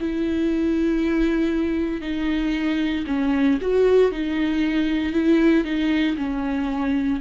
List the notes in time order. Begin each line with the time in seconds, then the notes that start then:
0.00 E4
2.01 D#4
3.07 C#4
3.61 F#4
4.11 D#4
5.13 E4
5.64 D#4
6.17 C#4